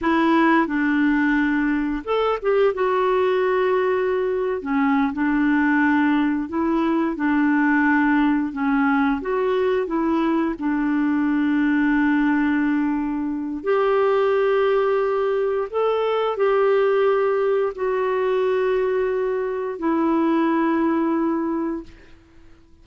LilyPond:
\new Staff \with { instrumentName = "clarinet" } { \time 4/4 \tempo 4 = 88 e'4 d'2 a'8 g'8 | fis'2~ fis'8. cis'8. d'8~ | d'4. e'4 d'4.~ | d'8 cis'4 fis'4 e'4 d'8~ |
d'1 | g'2. a'4 | g'2 fis'2~ | fis'4 e'2. | }